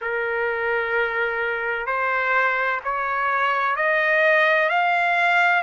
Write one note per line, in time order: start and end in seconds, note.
0.01 1.86 A#4
1.86 2.80 C5
2.84 3.75 C#5
3.75 4.69 D#5
4.69 5.62 F5